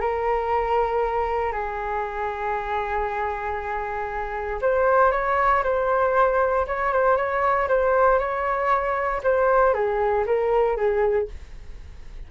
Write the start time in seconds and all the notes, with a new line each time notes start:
0.00 A#4
1.52 G#4
4.62 C5
5.12 C#5
5.63 C5
6.67 C#5
6.93 C5
7.17 C#5
7.68 C5
8.19 C#5
9.24 C5
9.74 G#4
10.26 A#4
10.76 G#4